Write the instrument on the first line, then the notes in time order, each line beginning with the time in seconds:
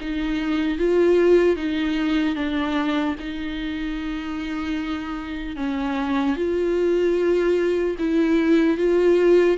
viola
0.00 D#4
0.78 F4
1.56 D#4
2.35 D4
3.19 D#4
5.56 C#4
6.36 F4
7.98 E4
8.77 F4